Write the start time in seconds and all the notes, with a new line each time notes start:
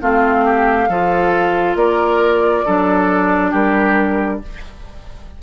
0.00 A3 C4 F4 F5
0.45 G4
0.88 F3 F4 A4
1.75 A#3 A#4 D5
2.65 F#3 D4 A4
3.51 G3 G4 A#4